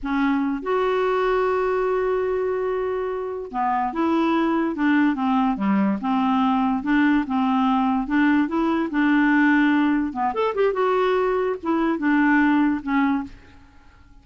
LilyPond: \new Staff \with { instrumentName = "clarinet" } { \time 4/4 \tempo 4 = 145 cis'4. fis'2~ fis'8~ | fis'1~ | fis'8 b4 e'2 d'8~ | d'8 c'4 g4 c'4.~ |
c'8 d'4 c'2 d'8~ | d'8 e'4 d'2~ d'8~ | d'8 b8 a'8 g'8 fis'2 | e'4 d'2 cis'4 | }